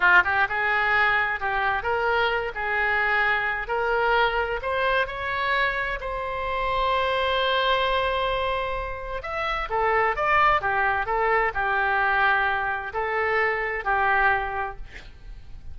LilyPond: \new Staff \with { instrumentName = "oboe" } { \time 4/4 \tempo 4 = 130 f'8 g'8 gis'2 g'4 | ais'4. gis'2~ gis'8 | ais'2 c''4 cis''4~ | cis''4 c''2.~ |
c''1 | e''4 a'4 d''4 g'4 | a'4 g'2. | a'2 g'2 | }